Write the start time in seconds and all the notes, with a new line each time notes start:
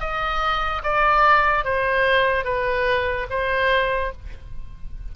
0.00 D#5
0.84 D5
1.65 C5
2.45 B4
3.30 C5